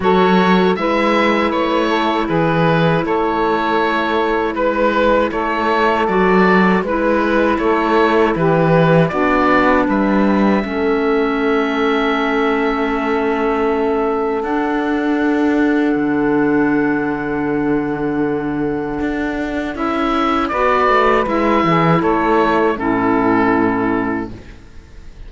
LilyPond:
<<
  \new Staff \with { instrumentName = "oboe" } { \time 4/4 \tempo 4 = 79 cis''4 e''4 cis''4 b'4 | cis''2 b'4 cis''4 | d''4 b'4 cis''4 b'4 | d''4 e''2.~ |
e''2. fis''4~ | fis''1~ | fis''2 e''4 d''4 | e''4 cis''4 a'2 | }
  \new Staff \with { instrumentName = "saxophone" } { \time 4/4 a'4 b'4. a'8 gis'4 | a'2 b'4 a'4~ | a'4 b'4 a'4 g'4 | fis'4 b'4 a'2~ |
a'1~ | a'1~ | a'2. b'4~ | b'8 gis'8 a'4 e'2 | }
  \new Staff \with { instrumentName = "clarinet" } { \time 4/4 fis'4 e'2.~ | e'1 | fis'4 e'2. | d'2 cis'2~ |
cis'2. d'4~ | d'1~ | d'2 e'4 fis'4 | e'2 cis'2 | }
  \new Staff \with { instrumentName = "cello" } { \time 4/4 fis4 gis4 a4 e4 | a2 gis4 a4 | fis4 gis4 a4 e4 | b4 g4 a2~ |
a2. d'4~ | d'4 d2.~ | d4 d'4 cis'4 b8 a8 | gis8 e8 a4 a,2 | }
>>